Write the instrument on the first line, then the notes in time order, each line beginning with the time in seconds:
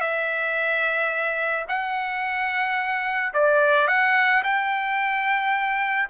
trumpet
0.00 E5
1.68 F#5
3.33 D5
3.87 F#5
4.43 G5